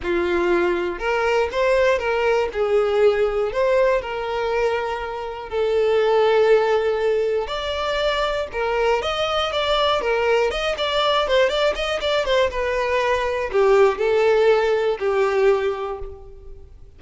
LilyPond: \new Staff \with { instrumentName = "violin" } { \time 4/4 \tempo 4 = 120 f'2 ais'4 c''4 | ais'4 gis'2 c''4 | ais'2. a'4~ | a'2. d''4~ |
d''4 ais'4 dis''4 d''4 | ais'4 dis''8 d''4 c''8 d''8 dis''8 | d''8 c''8 b'2 g'4 | a'2 g'2 | }